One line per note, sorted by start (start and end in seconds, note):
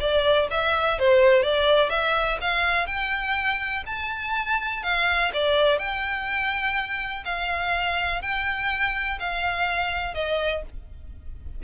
0.00 0.48 D5
0.51 0.99 E5
0.99 1.43 C5
1.43 1.90 D5
1.90 2.38 E5
2.41 2.87 F5
2.87 3.83 G5
3.86 4.83 A5
4.83 5.32 F5
5.33 5.79 D5
5.79 7.24 G5
7.25 8.22 F5
8.22 9.19 G5
9.20 10.14 F5
10.14 10.63 D#5